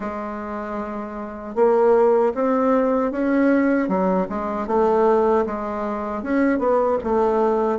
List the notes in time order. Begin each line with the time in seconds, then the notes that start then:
0.00 G#3
1.55 A#3
2.34 C4
3.11 C#4
3.88 F#3
4.29 G#3
4.67 A3
5.46 G#3
6.23 C#4
6.58 B3
7.03 A3